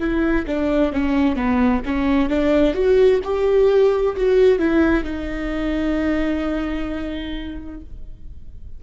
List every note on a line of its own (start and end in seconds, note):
0.00 0.46 E4
0.47 0.93 D4
0.93 1.36 C#4
1.36 1.82 B3
1.86 2.30 C#4
2.30 2.74 D4
2.74 3.20 F#4
3.24 4.16 G4
4.16 4.59 F#4
4.59 5.04 E4
5.04 7.81 D#4